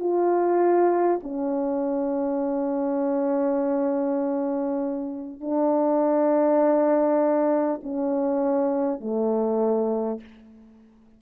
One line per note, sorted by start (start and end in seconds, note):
0.00 1.20 F4
1.23 5.41 C#4
5.41 7.81 D4
7.83 9.01 C#4
9.01 10.21 A3